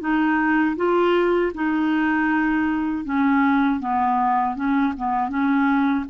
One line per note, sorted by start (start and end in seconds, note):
0.00 0.76 D#4
0.76 1.52 F4
1.54 3.04 D#4
3.04 3.80 C#4
3.80 4.55 B3
4.55 4.93 C#4
4.97 5.29 B3
5.29 6.05 C#4